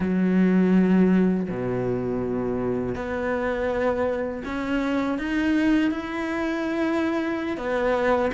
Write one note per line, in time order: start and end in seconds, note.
0.00 1.48 F#3
1.49 2.95 B2
2.95 4.43 B3
4.44 5.18 C#4
5.18 5.91 D#4
5.91 7.57 E4
7.57 8.31 B3